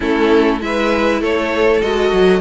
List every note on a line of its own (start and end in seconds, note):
0.00 0.61 A3
0.00 0.59 C#4
0.00 0.60 E4
0.00 0.61 A4
0.59 1.20 G#3
0.59 1.81 E4
0.59 1.21 B4
0.59 1.22 E5
1.20 1.81 A3
1.20 2.40 A4
1.20 1.81 C#5
1.81 2.12 G#3
1.81 2.40 F#4
1.81 2.40 D#5
2.12 2.40 F#3